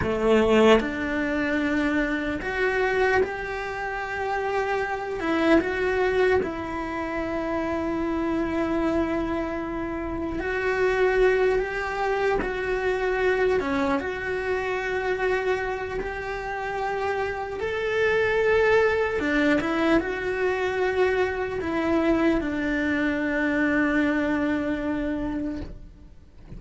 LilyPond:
\new Staff \with { instrumentName = "cello" } { \time 4/4 \tempo 4 = 75 a4 d'2 fis'4 | g'2~ g'8 e'8 fis'4 | e'1~ | e'4 fis'4. g'4 fis'8~ |
fis'4 cis'8 fis'2~ fis'8 | g'2 a'2 | d'8 e'8 fis'2 e'4 | d'1 | }